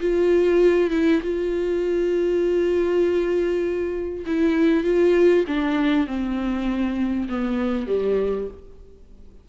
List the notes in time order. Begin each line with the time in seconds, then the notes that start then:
0.00 F4
0.91 E4
1.22 F4
4.26 E4
4.84 F4
5.47 D4
6.07 C4
7.29 B3
7.87 G3